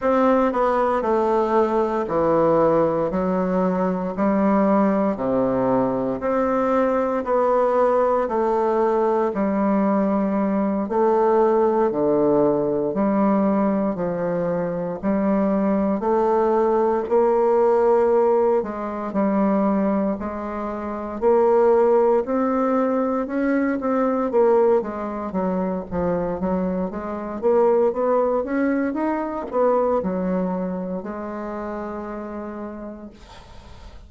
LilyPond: \new Staff \with { instrumentName = "bassoon" } { \time 4/4 \tempo 4 = 58 c'8 b8 a4 e4 fis4 | g4 c4 c'4 b4 | a4 g4. a4 d8~ | d8 g4 f4 g4 a8~ |
a8 ais4. gis8 g4 gis8~ | gis8 ais4 c'4 cis'8 c'8 ais8 | gis8 fis8 f8 fis8 gis8 ais8 b8 cis'8 | dis'8 b8 fis4 gis2 | }